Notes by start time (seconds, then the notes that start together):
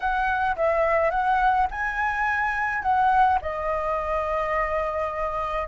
0.00 F#5
0.55 E5
1.10 F#5
1.70 G#5
2.82 F#5
3.41 D#5